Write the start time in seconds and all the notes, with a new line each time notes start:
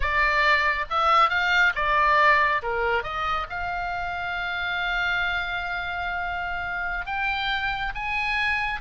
0.00 D5
0.89 E5
1.29 F5
1.75 D5
2.62 A#4
3.03 D#5
3.49 F5
7.06 G5
7.94 G#5